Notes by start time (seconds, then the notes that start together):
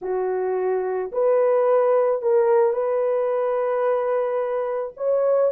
0.01 F#4
1.12 B4
2.21 A#4
2.72 B4
4.97 C#5